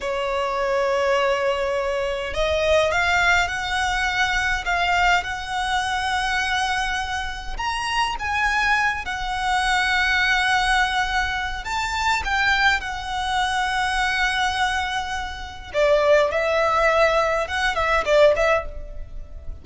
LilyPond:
\new Staff \with { instrumentName = "violin" } { \time 4/4 \tempo 4 = 103 cis''1 | dis''4 f''4 fis''2 | f''4 fis''2.~ | fis''4 ais''4 gis''4. fis''8~ |
fis''1 | a''4 g''4 fis''2~ | fis''2. d''4 | e''2 fis''8 e''8 d''8 e''8 | }